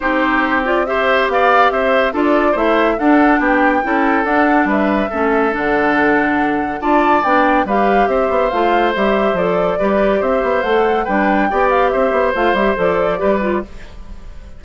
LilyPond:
<<
  \new Staff \with { instrumentName = "flute" } { \time 4/4 \tempo 4 = 141 c''4. d''8 e''4 f''4 | e''4 d''4 e''4 fis''4 | g''2 fis''4 e''4~ | e''4 fis''2. |
a''4 g''4 f''4 e''4 | f''4 e''4 d''2 | e''4 fis''4 g''4. f''8 | e''4 f''8 e''8 d''2 | }
  \new Staff \with { instrumentName = "oboe" } { \time 4/4 g'2 c''4 d''4 | c''4 a'4 c''4 a'4 | g'4 a'2 b'4 | a'1 |
d''2 b'4 c''4~ | c''2. b'4 | c''2 b'4 d''4 | c''2. b'4 | }
  \new Staff \with { instrumentName = "clarinet" } { \time 4/4 dis'4. f'8 g'2~ | g'4 f'4 e'4 d'4~ | d'4 e'4 d'2 | cis'4 d'2. |
f'4 d'4 g'2 | f'4 g'4 a'4 g'4~ | g'4 a'4 d'4 g'4~ | g'4 f'8 g'8 a'4 g'8 f'8 | }
  \new Staff \with { instrumentName = "bassoon" } { \time 4/4 c'2. b4 | c'4 d'4 a4 d'4 | b4 cis'4 d'4 g4 | a4 d2. |
d'4 b4 g4 c'8 b8 | a4 g4 f4 g4 | c'8 b8 a4 g4 b4 | c'8 b8 a8 g8 f4 g4 | }
>>